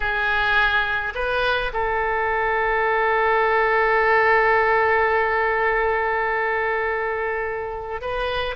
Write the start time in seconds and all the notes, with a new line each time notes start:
0.00 G#4
1.14 B4
1.73 A4
8.01 B4